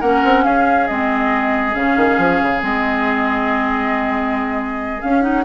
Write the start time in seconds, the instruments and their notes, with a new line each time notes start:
0.00 bassoon A#3, clarinet C#4, oboe A#4, flute F#5
0.24 bassoon C4
0.44 bassoon C#4, oboe G#4, flute F5
0.87 bassoon G#3, clarinet C4, flute D#5
1.73 bassoon C#3, clarinet C#4, flute F5
1.96 bassoon D#3
2.18 bassoon F3
2.42 bassoon C#3
2.60 bassoon G#3, clarinet C4, flute D#5
5.01 clarinet C#4, bassoon C#4, flute F5
5.21 clarinet D#4, flute F#5